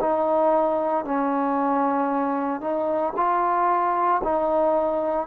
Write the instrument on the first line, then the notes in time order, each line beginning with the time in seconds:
trombone
0.00 D#4
1.05 C#4
2.60 D#4
3.16 F4
4.24 D#4